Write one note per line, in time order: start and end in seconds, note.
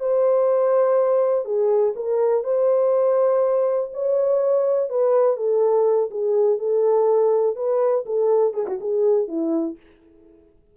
0.00 1.45 C5
1.45 1.94 G#4
1.96 2.44 A#4
2.44 3.90 C5
3.94 4.90 C#5
4.90 5.37 B4
5.37 6.10 A4
6.11 6.59 G#4
6.59 7.56 A4
7.56 8.05 B4
8.06 8.54 A4
8.54 8.66 G#4
8.67 8.79 F#4
8.81 9.28 G#4
9.28 9.77 E4